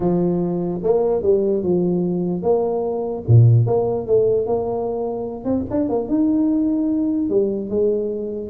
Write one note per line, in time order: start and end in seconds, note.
0.00 0.80 F3
0.83 1.22 A#3
1.22 1.62 G3
1.62 2.42 F3
2.42 3.23 A#3
3.27 3.66 A#2
3.66 4.07 A#3
4.07 4.46 A3
4.46 5.44 A#3
5.44 5.64 C4
5.70 5.89 D4
5.89 6.08 A#3
6.08 7.29 D#4
7.29 7.69 G3
7.69 8.50 G#3